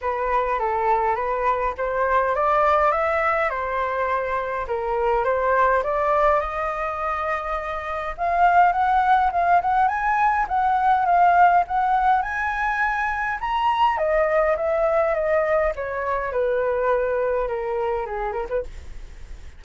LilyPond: \new Staff \with { instrumentName = "flute" } { \time 4/4 \tempo 4 = 103 b'4 a'4 b'4 c''4 | d''4 e''4 c''2 | ais'4 c''4 d''4 dis''4~ | dis''2 f''4 fis''4 |
f''8 fis''8 gis''4 fis''4 f''4 | fis''4 gis''2 ais''4 | dis''4 e''4 dis''4 cis''4 | b'2 ais'4 gis'8 ais'16 b'16 | }